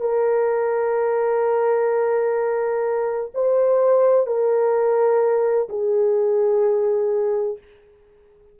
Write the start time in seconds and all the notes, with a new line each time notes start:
0.00 A#4
3.34 C5
4.26 A#4
5.69 G#4